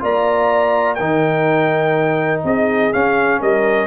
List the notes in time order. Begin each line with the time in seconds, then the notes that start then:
0.00 A#3 F4 D5 A#5
0.95 D#3 D#4 A#4 G5
2.44 C4 G#4 D#5
2.93 C#4 F5
3.40 G3 A#4 D#5